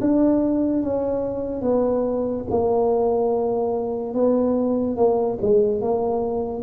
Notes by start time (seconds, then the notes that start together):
0.00 D4
0.83 C#4
1.61 B3
2.50 A#3
4.14 B3
4.96 A#3
5.41 G#3
5.81 A#3